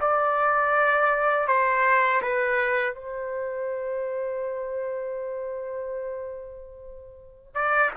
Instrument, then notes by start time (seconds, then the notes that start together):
trumpet
0.00 D5
1.47 C5
2.22 B4
2.94 C5
7.54 D5